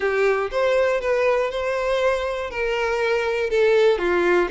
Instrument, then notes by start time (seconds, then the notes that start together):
violin
0.00 G4
0.51 C5
1.00 B4
1.50 C5
2.50 A#4
3.50 A4
3.98 F4